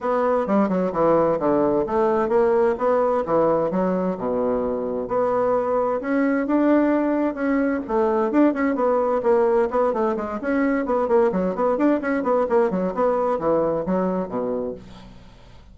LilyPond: \new Staff \with { instrumentName = "bassoon" } { \time 4/4 \tempo 4 = 130 b4 g8 fis8 e4 d4 | a4 ais4 b4 e4 | fis4 b,2 b4~ | b4 cis'4 d'2 |
cis'4 a4 d'8 cis'8 b4 | ais4 b8 a8 gis8 cis'4 b8 | ais8 fis8 b8 d'8 cis'8 b8 ais8 fis8 | b4 e4 fis4 b,4 | }